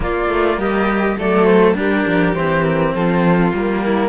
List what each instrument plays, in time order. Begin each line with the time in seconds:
0.00 cello A#3, violin F4, flute D5
0.28 cello A3
0.57 cello G3, violin G4, flute D#5
1.18 cello F#3 A3, violin A4, flute D5
1.44 flute C5
1.74 cello G3 D4, violin G4, flute A#4
2.06 cello F3
2.34 cello E3 C4, flute C5
2.63 flute A#4
2.94 cello F3, violin F4, flute A4
3.52 cello G3 A#3, flute A#4
3.85 violin E4